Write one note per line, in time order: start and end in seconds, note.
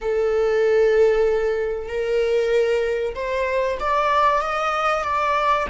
0.01 1.88 A4
1.88 3.14 A#4
3.14 3.78 C5
3.79 4.41 D5
4.41 5.03 D#5
5.03 5.66 D5